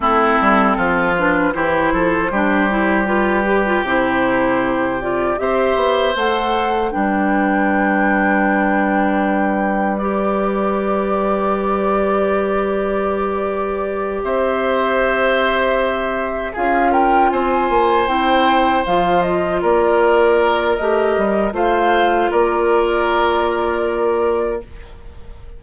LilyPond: <<
  \new Staff \with { instrumentName = "flute" } { \time 4/4 \tempo 4 = 78 a'4. b'8 c''2 | b'4 c''4. d''8 e''4 | fis''4 g''2.~ | g''4 d''2.~ |
d''2~ d''8 e''4.~ | e''4. f''8 g''8 gis''4 g''8~ | g''8 f''8 dis''8 d''4. dis''4 | f''4 d''2. | }
  \new Staff \with { instrumentName = "oboe" } { \time 4/4 e'4 f'4 g'8 a'8 g'4~ | g'2. c''4~ | c''4 b'2.~ | b'1~ |
b'2~ b'8 c''4.~ | c''4. gis'8 ais'8 c''4.~ | c''4. ais'2~ ais'8 | c''4 ais'2. | }
  \new Staff \with { instrumentName = "clarinet" } { \time 4/4 c'4. d'8 e'4 d'8 e'8 | f'8 g'16 f'16 e'4. f'8 g'4 | a'4 d'2.~ | d'4 g'2.~ |
g'1~ | g'4. f'2 e'8~ | e'8 f'2~ f'8 g'4 | f'1 | }
  \new Staff \with { instrumentName = "bassoon" } { \time 4/4 a8 g8 f4 e8 f8 g4~ | g4 c2 c'8 b8 | a4 g2.~ | g1~ |
g2~ g8 c'4.~ | c'4. cis'4 c'8 ais8 c'8~ | c'8 f4 ais4. a8 g8 | a4 ais2. | }
>>